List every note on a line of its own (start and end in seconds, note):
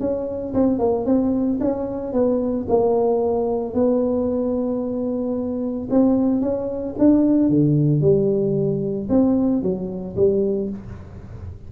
0.00 0.54 C#4
0.54 0.79 C4
0.79 1.05 A#3
1.05 1.59 C4
1.60 2.12 C#4
2.12 2.66 B3
2.68 3.74 A#3
3.74 5.88 B3
5.90 6.41 C4
6.41 6.94 C#4
6.98 7.49 D4
7.49 8.01 D3
8.01 9.08 G3
9.09 9.62 C4
9.62 10.15 F#3
10.16 10.69 G3